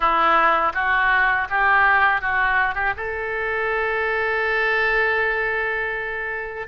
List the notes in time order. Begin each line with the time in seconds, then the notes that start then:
0.00 E4
0.74 F#4
1.49 G4
2.21 F#4
2.74 G4
2.96 A4